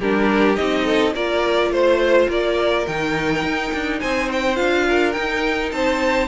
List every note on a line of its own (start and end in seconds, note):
0.00 0.58 G3
0.00 0.57 D4
0.00 0.85 G4
0.00 0.56 A#4
0.56 1.14 C4
0.56 1.14 D#4
0.56 1.13 D#5
0.85 1.13 A4
1.14 1.70 A#3
1.14 2.86 F4
1.14 1.72 A#4
1.14 1.73 D5
1.70 2.27 A3
1.70 2.28 C5
1.70 2.30 C5
2.28 2.86 A#3
2.28 4.00 A#4
2.28 2.87 D5
2.87 3.43 D#3
2.87 4.55 D#4
2.87 4.00 G5
3.43 3.72 D#4
3.73 4.02 D4
4.00 4.60 C4
4.00 4.86 C5
4.00 4.29 G#5
4.32 4.56 G5
4.55 5.17 D4
4.55 5.13 F4
4.55 5.12 F5
4.88 5.74 A#4
5.12 6.27 D#4
5.12 5.72 D#4
5.12 5.70 G5
5.72 6.27 C4
5.72 6.27 C5
5.72 6.27 A5